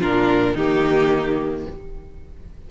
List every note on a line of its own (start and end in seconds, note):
0.00 0.54 A#2
0.00 0.57 D4
0.00 0.54 F4
0.00 0.57 A#4
0.54 1.66 D#3
0.54 1.71 A#3
0.54 1.66 D#4
0.54 1.69 G4